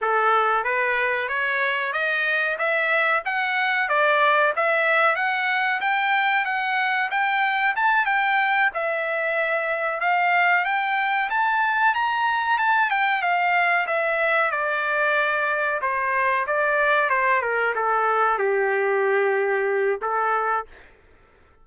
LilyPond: \new Staff \with { instrumentName = "trumpet" } { \time 4/4 \tempo 4 = 93 a'4 b'4 cis''4 dis''4 | e''4 fis''4 d''4 e''4 | fis''4 g''4 fis''4 g''4 | a''8 g''4 e''2 f''8~ |
f''8 g''4 a''4 ais''4 a''8 | g''8 f''4 e''4 d''4.~ | d''8 c''4 d''4 c''8 ais'8 a'8~ | a'8 g'2~ g'8 a'4 | }